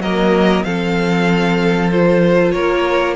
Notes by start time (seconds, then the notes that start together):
0.00 F#3 A#3 A#4 D#5
0.64 F3 C4 A4 F5
1.91 F4 C5
2.52 A#3 A#4 C#5